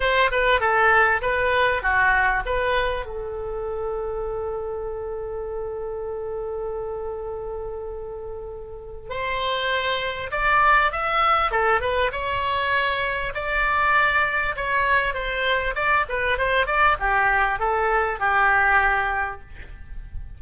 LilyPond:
\new Staff \with { instrumentName = "oboe" } { \time 4/4 \tempo 4 = 99 c''8 b'8 a'4 b'4 fis'4 | b'4 a'2.~ | a'1~ | a'2. c''4~ |
c''4 d''4 e''4 a'8 b'8 | cis''2 d''2 | cis''4 c''4 d''8 b'8 c''8 d''8 | g'4 a'4 g'2 | }